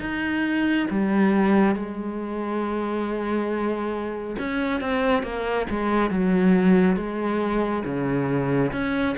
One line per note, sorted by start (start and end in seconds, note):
0.00 0.87 D#4
0.91 1.75 G3
1.75 4.36 G#3
4.39 4.81 C#4
4.81 5.23 C4
5.23 5.67 A#3
5.70 6.10 G#3
6.10 6.96 F#3
6.96 7.83 G#3
7.85 8.72 C#3
8.72 9.16 C#4